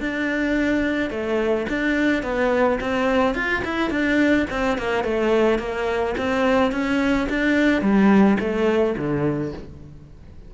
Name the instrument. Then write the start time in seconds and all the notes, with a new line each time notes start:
cello
0.00 D4
1.10 A3
1.69 D4
2.22 B3
2.80 C4
3.34 F4
3.64 E4
3.90 D4
4.50 C4
4.78 A#3
5.04 A3
5.58 A#3
6.17 C4
6.71 C#4
7.29 D4
7.81 G3
8.39 A3
8.97 D3